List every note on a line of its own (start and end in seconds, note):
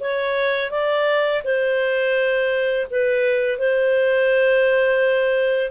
0.00 0.71 C#5
0.71 1.42 D5
1.44 2.87 C5
2.90 3.58 B4
3.58 5.71 C5